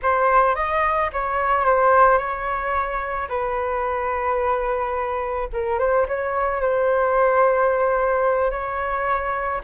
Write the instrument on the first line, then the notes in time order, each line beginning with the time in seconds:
flute
0.02 C5
0.55 D#5
1.12 C#5
1.65 C5
2.18 C#5
3.28 B4
5.52 A#4
5.78 C5
6.08 C#5
6.61 C5
8.50 C#5